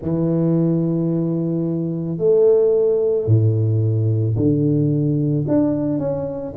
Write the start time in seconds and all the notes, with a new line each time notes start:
0.01 E3
2.18 A3
3.26 A2
4.36 D3
5.47 D4
5.99 C#4